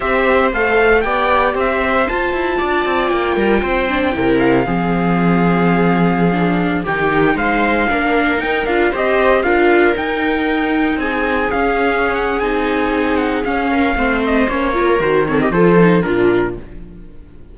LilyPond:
<<
  \new Staff \with { instrumentName = "trumpet" } { \time 4/4 \tempo 4 = 116 e''4 f''4 g''4 e''4 | a''2 g''2~ | g''8 f''2.~ f''8~ | f''4~ f''16 g''4 f''4.~ f''16~ |
f''16 g''8 f''8 dis''4 f''4 g''8.~ | g''4~ g''16 gis''4 f''4~ f''16 fis''8 | gis''4. fis''8 f''4. dis''8 | cis''4 c''8 cis''16 dis''16 c''4 ais'4 | }
  \new Staff \with { instrumentName = "viola" } { \time 4/4 c''2 d''4 c''4~ | c''4 d''4. ais'8 c''4 | ais'4 gis'2.~ | gis'4~ gis'16 g'4 c''4 ais'8.~ |
ais'4~ ais'16 c''4 ais'4.~ ais'16~ | ais'4~ ais'16 gis'2~ gis'8.~ | gis'2~ gis'8 ais'8 c''4~ | c''8 ais'4 a'16 g'16 a'4 f'4 | }
  \new Staff \with { instrumentName = "viola" } { \time 4/4 g'4 a'4 g'2 | f'2.~ f'8 d'8 | e'4 c'2.~ | c'16 d'4 dis'2 d'8.~ |
d'16 dis'8 f'8 g'4 f'4 dis'8.~ | dis'2~ dis'16 cis'4.~ cis'16 | dis'2 cis'4 c'4 | cis'8 f'8 fis'8 c'8 f'8 dis'8 d'4 | }
  \new Staff \with { instrumentName = "cello" } { \time 4/4 c'4 a4 b4 c'4 | f'8 e'8 d'8 c'8 ais8 g8 c'4 | c4 f2.~ | f4~ f16 dis4 gis4 ais8.~ |
ais16 dis'8 d'8 c'4 d'4 dis'8.~ | dis'4~ dis'16 c'4 cis'4.~ cis'16 | c'2 cis'4 a4 | ais4 dis4 f4 ais,4 | }
>>